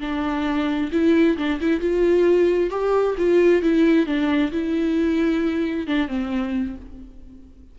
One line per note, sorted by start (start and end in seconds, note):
0.00 0.90 D4
0.91 1.37 E4
1.37 1.60 D4
1.60 1.80 E4
1.80 2.70 F4
2.70 3.15 G4
3.17 3.62 F4
3.62 4.06 E4
4.06 4.51 D4
4.51 5.87 E4
5.87 6.08 D4
6.08 6.75 C4